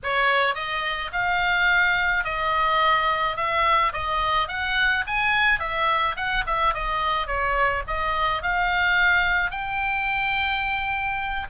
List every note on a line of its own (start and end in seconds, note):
0.03 0.55 C#5
0.55 1.11 D#5
1.12 2.24 F5
2.24 3.36 D#5
3.36 3.92 E5
3.93 4.48 D#5
4.48 5.04 F#5
5.06 5.59 G#5
5.59 6.15 E5
6.16 6.44 F#5
6.46 6.74 E5
6.74 7.26 D#5
7.26 7.82 C#5
7.87 8.42 D#5
8.42 9.50 F5
9.50 11.47 G5